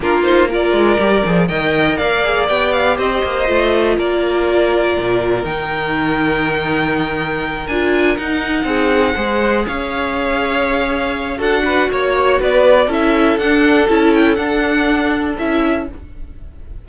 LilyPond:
<<
  \new Staff \with { instrumentName = "violin" } { \time 4/4 \tempo 4 = 121 ais'8 c''8 d''2 g''4 | f''4 g''8 f''8 dis''2 | d''2. g''4~ | g''2.~ g''8 gis''8~ |
gis''8 fis''2. f''8~ | f''2. fis''4 | cis''4 d''4 e''4 fis''4 | a''8 g''8 fis''2 e''4 | }
  \new Staff \with { instrumentName = "violin" } { \time 4/4 f'4 ais'2 dis''4 | d''2 c''2 | ais'1~ | ais'1~ |
ais'4. gis'4 c''4 cis''8~ | cis''2. a'8 b'8 | cis''4 b'4 a'2~ | a'1 | }
  \new Staff \with { instrumentName = "viola" } { \time 4/4 d'8 dis'8 f'4 g'8 gis'8 ais'4~ | ais'8 gis'8 g'2 f'4~ | f'2. dis'4~ | dis'2.~ dis'8 f'8~ |
f'8 dis'2 gis'4.~ | gis'2. fis'4~ | fis'2 e'4 d'4 | e'4 d'2 e'4 | }
  \new Staff \with { instrumentName = "cello" } { \time 4/4 ais4. gis8 g8 f8 dis4 | ais4 b4 c'8 ais8 a4 | ais2 ais,4 dis4~ | dis2.~ dis8 d'8~ |
d'8 dis'4 c'4 gis4 cis'8~ | cis'2. d'4 | ais4 b4 cis'4 d'4 | cis'4 d'2 cis'4 | }
>>